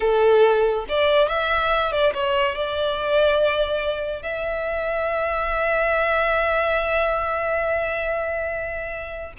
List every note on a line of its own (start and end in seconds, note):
0.00 0.85 A4
0.88 1.28 D5
1.28 1.91 E5
1.91 2.13 D5
2.14 2.55 C#5
2.55 4.22 D5
4.22 9.32 E5